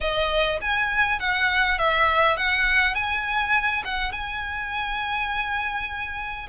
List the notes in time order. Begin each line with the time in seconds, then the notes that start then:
0.00 D#5
0.61 G#5
1.19 F#5
1.78 E5
2.36 F#5
2.94 G#5
3.84 F#5
4.12 G#5